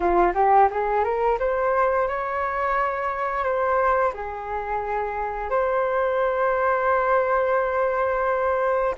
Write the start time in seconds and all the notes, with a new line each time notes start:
0.00 F4
0.34 G4
0.71 G#4
1.03 A#4
1.39 C5
2.08 C#5
3.44 C5
4.13 G#4
5.50 C5